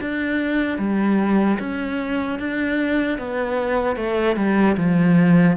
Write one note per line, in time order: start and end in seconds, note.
0.00 0.78 D4
0.78 1.58 G3
1.59 2.39 C#4
2.39 3.18 D4
3.18 3.96 B3
3.96 4.36 A3
4.36 4.76 G3
4.77 5.57 F3